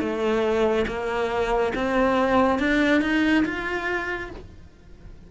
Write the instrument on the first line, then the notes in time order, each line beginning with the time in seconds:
cello
0.00 A3
0.88 A#3
1.75 C4
2.59 D4
3.02 D#4
3.45 F4